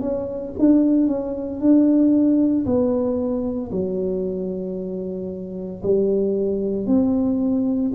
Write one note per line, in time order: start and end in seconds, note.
0.00 0.53 C#4
0.59 1.08 D4
1.08 1.60 C#4
1.60 2.66 D4
2.66 3.71 B3
3.72 5.82 F#3
5.83 6.87 G3
6.87 7.92 C4